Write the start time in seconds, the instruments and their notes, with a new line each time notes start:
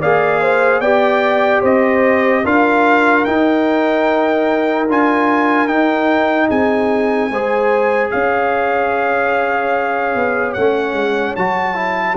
0.00 tuba A#3, trombone G#4, horn D5, trumpet F5
0.41 horn C5
0.80 tuba B3, trombone G4, horn D5, trumpet G5
1.61 tuba C4, horn C5, trumpet D#5
2.44 tuba D4, trombone F4, horn A#4, trumpet F5
3.24 trombone D#4, tuba D#4, trumpet G5
4.89 tuba D4, trombone F4, trumpet G#5
5.67 trombone D#4, tuba D#4, trumpet G5
6.49 tuba C4, horn G#4, trumpet G#5
7.30 tuba G#3, trombone G#4, horn C5
8.10 tuba C#4, horn C#5, trumpet F5
10.15 tuba B3
10.54 tuba A3, trombone C#4, trumpet F#5
10.93 tuba G#3
11.36 tuba F#3, trombone F#4, trumpet A5
11.74 trombone E4